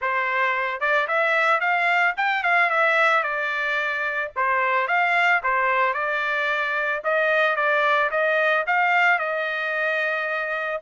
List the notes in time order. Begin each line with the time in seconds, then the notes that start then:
0.01 C5
0.80 D5
1.07 E5
1.60 F5
2.16 G5
2.43 F5
2.70 E5
3.23 D5
4.35 C5
4.87 F5
5.43 C5
5.93 D5
7.04 D#5
7.56 D5
8.10 D#5
8.67 F5
9.19 D#5